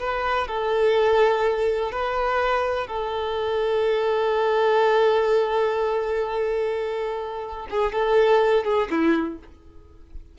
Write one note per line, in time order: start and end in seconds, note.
0.00 0.48 B4
0.48 1.92 A4
1.92 2.88 B4
2.88 7.68 A4
7.70 7.93 G#4
7.93 8.65 A4
8.65 8.89 G#4
8.91 9.39 E4